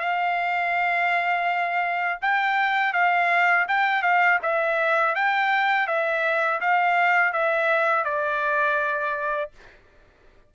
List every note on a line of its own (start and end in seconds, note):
0.00 2.20 F5
2.22 2.94 G5
2.94 3.67 F5
3.69 4.03 G5
4.03 4.39 F5
4.43 5.16 E5
5.16 5.87 G5
5.87 6.61 E5
6.61 7.33 F5
7.33 8.05 E5
8.05 9.51 D5